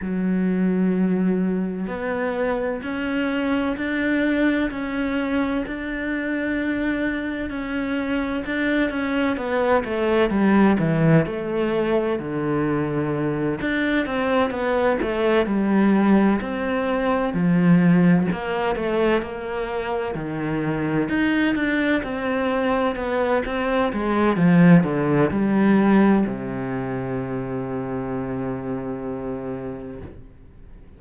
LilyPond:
\new Staff \with { instrumentName = "cello" } { \time 4/4 \tempo 4 = 64 fis2 b4 cis'4 | d'4 cis'4 d'2 | cis'4 d'8 cis'8 b8 a8 g8 e8 | a4 d4. d'8 c'8 b8 |
a8 g4 c'4 f4 ais8 | a8 ais4 dis4 dis'8 d'8 c'8~ | c'8 b8 c'8 gis8 f8 d8 g4 | c1 | }